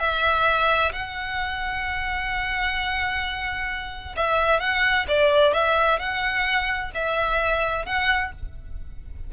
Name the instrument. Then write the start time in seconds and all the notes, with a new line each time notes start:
violin
0.00 E5
0.93 F#5
4.17 E5
4.60 F#5
5.08 D5
5.54 E5
6.00 F#5
6.95 E5
7.86 F#5